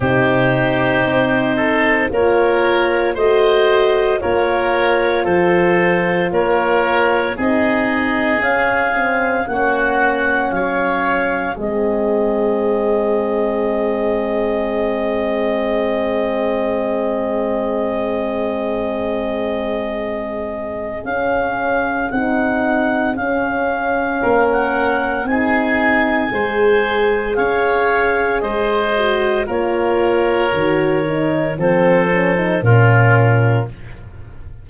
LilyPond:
<<
  \new Staff \with { instrumentName = "clarinet" } { \time 4/4 \tempo 4 = 57 c''2 cis''4 dis''4 | cis''4 c''4 cis''4 dis''4 | f''4 fis''4 f''4 dis''4~ | dis''1~ |
dis''1 | f''4 fis''4 f''4~ f''16 fis''8. | gis''2 f''4 dis''4 | cis''2 c''4 ais'4 | }
  \new Staff \with { instrumentName = "oboe" } { \time 4/4 g'4. a'8 ais'4 c''4 | ais'4 a'4 ais'4 gis'4~ | gis'4 fis'4 cis''4 gis'4~ | gis'1~ |
gis'1~ | gis'2. ais'4 | gis'4 c''4 cis''4 c''4 | ais'2 a'4 f'4 | }
  \new Staff \with { instrumentName = "horn" } { \time 4/4 dis'2 f'4 fis'4 | f'2. dis'4 | cis'8 c'8 cis'2 c'4~ | c'1~ |
c'1 | cis'4 dis'4 cis'2 | dis'4 gis'2~ gis'8 fis'8 | f'4 fis'8 dis'8 c'8 cis'16 dis'16 cis'4 | }
  \new Staff \with { instrumentName = "tuba" } { \time 4/4 c4 c'4 ais4 a4 | ais4 f4 ais4 c'4 | cis'4 ais4 fis4 gis4~ | gis1~ |
gis1 | cis'4 c'4 cis'4 ais4 | c'4 gis4 cis'4 gis4 | ais4 dis4 f4 ais,4 | }
>>